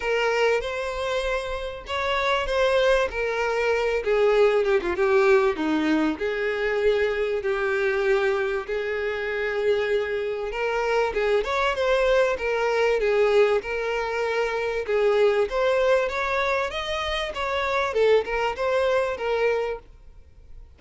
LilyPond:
\new Staff \with { instrumentName = "violin" } { \time 4/4 \tempo 4 = 97 ais'4 c''2 cis''4 | c''4 ais'4. gis'4 g'16 f'16 | g'4 dis'4 gis'2 | g'2 gis'2~ |
gis'4 ais'4 gis'8 cis''8 c''4 | ais'4 gis'4 ais'2 | gis'4 c''4 cis''4 dis''4 | cis''4 a'8 ais'8 c''4 ais'4 | }